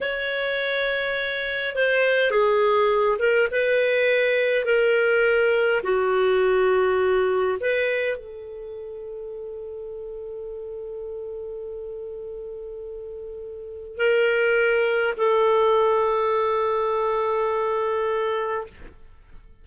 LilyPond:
\new Staff \with { instrumentName = "clarinet" } { \time 4/4 \tempo 4 = 103 cis''2. c''4 | gis'4. ais'8 b'2 | ais'2 fis'2~ | fis'4 b'4 a'2~ |
a'1~ | a'1 | ais'2 a'2~ | a'1 | }